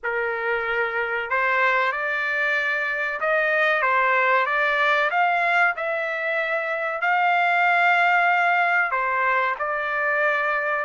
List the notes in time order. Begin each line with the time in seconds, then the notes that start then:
0.03 A#4
1.29 C5
1.92 D5
3.20 D#5
3.82 C5
4.46 D5
5.10 F5
5.76 E5
7.01 F5
8.91 C5
9.58 D5